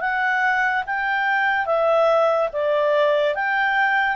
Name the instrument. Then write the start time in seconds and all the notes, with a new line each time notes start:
clarinet
0.00 F#5
0.86 G5
1.66 E5
2.52 D5
3.34 G5